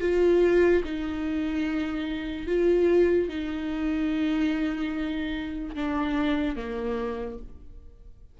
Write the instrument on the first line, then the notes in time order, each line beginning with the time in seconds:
viola
0.00 F4
0.84 D#4
2.46 F4
3.28 D#4
5.75 D4
6.56 A#3